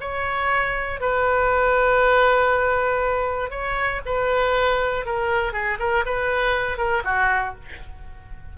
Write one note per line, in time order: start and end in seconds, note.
0.00 1.00 C#5
1.00 3.50 B4
3.50 4.01 C#5
4.05 5.05 B4
5.05 5.53 A#4
5.53 5.78 G#4
5.79 6.04 A#4
6.05 6.77 B4
6.77 7.03 A#4
7.04 7.54 F#4